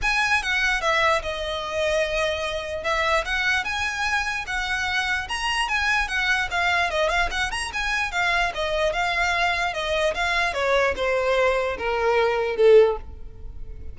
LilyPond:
\new Staff \with { instrumentName = "violin" } { \time 4/4 \tempo 4 = 148 gis''4 fis''4 e''4 dis''4~ | dis''2. e''4 | fis''4 gis''2 fis''4~ | fis''4 ais''4 gis''4 fis''4 |
f''4 dis''8 f''8 fis''8 ais''8 gis''4 | f''4 dis''4 f''2 | dis''4 f''4 cis''4 c''4~ | c''4 ais'2 a'4 | }